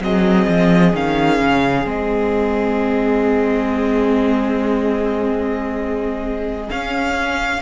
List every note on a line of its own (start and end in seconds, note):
0.00 0.46 F#3
0.00 0.93 C4
0.00 7.62 G#4
0.00 0.95 D#5
0.47 0.93 F3
0.93 1.39 D#3
0.93 1.84 C#4
0.93 1.87 F5
1.39 1.85 C#3
1.84 6.69 G#3
1.84 6.68 C4
1.84 6.70 D#5
6.70 7.62 C#4
6.70 7.62 F5